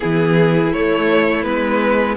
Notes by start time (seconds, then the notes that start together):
0.00 E3 B3 E4 G#4
0.73 A3 C#5
1.43 G#3 B3 B4